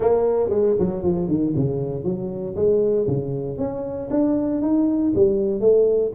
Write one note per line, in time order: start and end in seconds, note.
0.00 0.49 A#3
0.49 0.75 G#3
0.79 1.02 F#3
1.02 1.28 F3
1.28 1.53 D#3
1.55 2.04 C#3
2.04 2.55 F#3
2.55 3.06 G#3
3.07 3.58 C#3
3.58 4.09 C#4
4.10 4.61 D4
4.61 5.12 D#4
5.15 5.60 G3
5.60 6.11 A3